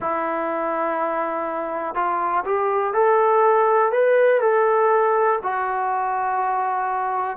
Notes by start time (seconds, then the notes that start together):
0.00 E4
1.94 F4
2.44 G4
2.93 A4
3.92 B4
4.40 A4
5.42 F#4